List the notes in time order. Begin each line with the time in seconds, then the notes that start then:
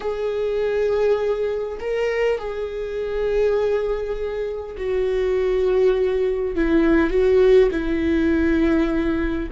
0.00 G#4
1.80 A#4
2.38 G#4
4.77 F#4
6.55 E4
7.10 F#4
7.71 E4